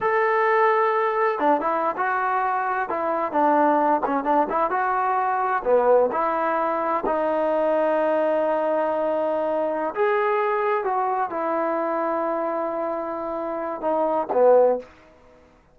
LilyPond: \new Staff \with { instrumentName = "trombone" } { \time 4/4 \tempo 4 = 130 a'2. d'8 e'8~ | e'16 fis'2 e'4 d'8.~ | d'8. cis'8 d'8 e'8 fis'4.~ fis'16~ | fis'16 b4 e'2 dis'8.~ |
dis'1~ | dis'4. gis'2 fis'8~ | fis'8 e'2.~ e'8~ | e'2 dis'4 b4 | }